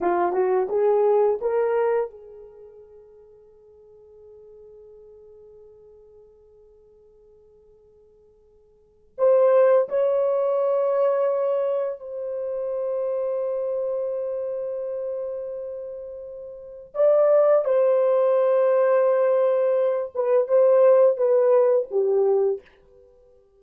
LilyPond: \new Staff \with { instrumentName = "horn" } { \time 4/4 \tempo 4 = 85 f'8 fis'8 gis'4 ais'4 gis'4~ | gis'1~ | gis'1~ | gis'4 c''4 cis''2~ |
cis''4 c''2.~ | c''1 | d''4 c''2.~ | c''8 b'8 c''4 b'4 g'4 | }